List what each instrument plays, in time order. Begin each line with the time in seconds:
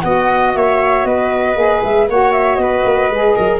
0.00 tuba B3, saxophone F#4, viola D#5, flute F#5
0.54 tuba A#3, viola C#5, flute E5
1.04 tuba B3, viola B4, flute D#5
1.54 tuba A#3, saxophone G#4
1.83 tuba G#3, flute E5
2.08 tuba A#3, saxophone F#4, viola C#5, flute F#5
2.32 flute E5
2.55 tuba B3, viola B4, flute D#5
2.84 tuba A#3
3.09 tuba G#3, saxophone G#4
3.36 tuba F#3, viola A#4